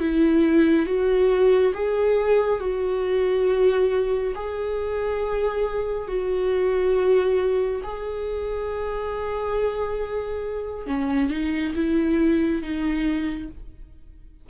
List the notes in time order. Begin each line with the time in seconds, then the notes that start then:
0.00 E4
0.86 F#4
1.74 G#4
2.60 F#4
4.35 G#4
6.08 F#4
7.83 G#4
10.87 C#4
11.30 D#4
11.75 E4
12.62 D#4